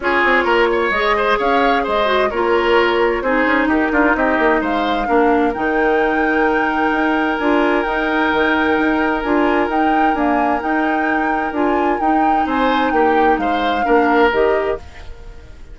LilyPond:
<<
  \new Staff \with { instrumentName = "flute" } { \time 4/4 \tempo 4 = 130 cis''2 dis''4 f''4 | dis''4 cis''2 c''4 | ais'4 dis''4 f''2 | g''1 |
gis''4 g''2. | gis''4 g''4 gis''4 g''4~ | g''4 gis''4 g''4 gis''4 | g''4 f''2 dis''4 | }
  \new Staff \with { instrumentName = "oboe" } { \time 4/4 gis'4 ais'8 cis''4 c''8 cis''4 | c''4 ais'2 gis'4 | g'8 f'8 g'4 c''4 ais'4~ | ais'1~ |
ais'1~ | ais'1~ | ais'2. c''4 | g'4 c''4 ais'2 | }
  \new Staff \with { instrumentName = "clarinet" } { \time 4/4 f'2 gis'2~ | gis'8 fis'8 f'2 dis'4~ | dis'2. d'4 | dis'1 |
f'4 dis'2. | f'4 dis'4 ais4 dis'4~ | dis'4 f'4 dis'2~ | dis'2 d'4 g'4 | }
  \new Staff \with { instrumentName = "bassoon" } { \time 4/4 cis'8 c'8 ais4 gis4 cis'4 | gis4 ais2 c'8 cis'8 | dis'8 d'8 c'8 ais8 gis4 ais4 | dis2. dis'4 |
d'4 dis'4 dis4 dis'4 | d'4 dis'4 d'4 dis'4~ | dis'4 d'4 dis'4 c'4 | ais4 gis4 ais4 dis4 | }
>>